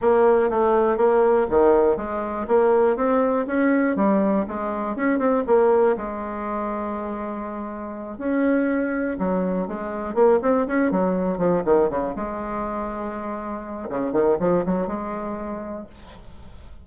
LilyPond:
\new Staff \with { instrumentName = "bassoon" } { \time 4/4 \tempo 4 = 121 ais4 a4 ais4 dis4 | gis4 ais4 c'4 cis'4 | g4 gis4 cis'8 c'8 ais4 | gis1~ |
gis8 cis'2 fis4 gis8~ | gis8 ais8 c'8 cis'8 fis4 f8 dis8 | cis8 gis2.~ gis8 | cis8 dis8 f8 fis8 gis2 | }